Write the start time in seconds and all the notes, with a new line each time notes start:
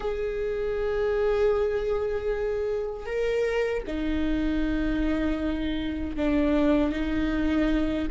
0.00 G#4
3.06 A#4
3.87 D#4
6.16 D4
6.92 D#4